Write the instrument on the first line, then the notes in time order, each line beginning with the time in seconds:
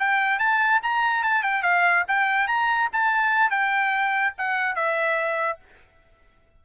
trumpet
0.00 G5
0.39 A5
0.83 A#5
1.23 A5
1.43 G5
1.63 F5
2.08 G5
2.48 A#5
2.93 A5
3.51 G5
4.38 F#5
4.76 E5